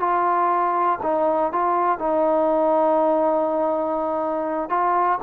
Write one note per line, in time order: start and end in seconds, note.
0.00 0.99 F4
1.03 1.52 D#4
1.52 1.99 F4
1.99 4.70 D#4
4.70 5.19 F4